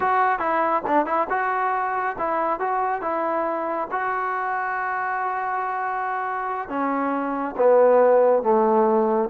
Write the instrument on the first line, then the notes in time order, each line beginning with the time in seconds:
trombone
0.00 F#4
0.39 E4
0.87 D4
1.06 E4
1.29 F#4
2.18 E4
2.59 F#4
3.01 E4
3.91 F#4
6.68 C#4
7.56 B3
8.43 A3